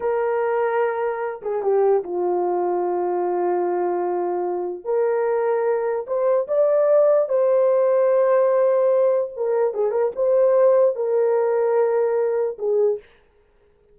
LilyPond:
\new Staff \with { instrumentName = "horn" } { \time 4/4 \tempo 4 = 148 ais'2.~ ais'8 gis'8 | g'4 f'2.~ | f'1 | ais'2. c''4 |
d''2 c''2~ | c''2. ais'4 | gis'8 ais'8 c''2 ais'4~ | ais'2. gis'4 | }